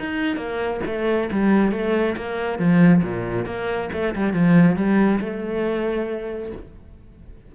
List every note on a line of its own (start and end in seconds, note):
0.00 0.37 D#4
0.37 0.81 A#3
0.87 1.30 A3
1.32 1.72 G3
1.72 2.16 A3
2.17 2.59 A#3
2.59 3.03 F3
3.04 3.46 A#2
3.46 3.90 A#3
3.93 4.15 A3
4.16 4.34 G3
4.34 4.76 F3
4.76 5.20 G3
5.21 6.52 A3